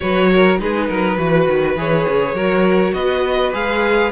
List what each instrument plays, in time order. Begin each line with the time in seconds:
0.00 cello F#3, viola F#4, violin B4 C#5
0.32 violin A#4
0.58 cello G#3, viola D#4, violin G#4 B4
0.88 cello F#3, violin A#4
1.17 cello E3, viola F#4, violin B4
1.47 cello D#3
1.75 cello E3, viola G#4, violin C#5
2.08 cello C#3
2.33 cello F#3, viola F#4, violin A#4
2.94 cello B3, violin B4 D#5
3.52 cello G#3, viola G#4, violin F5